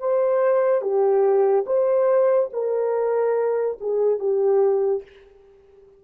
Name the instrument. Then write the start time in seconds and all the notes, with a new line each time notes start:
horn
0.00 C5
0.82 G4
1.67 C5
2.53 A#4
3.81 G#4
4.20 G4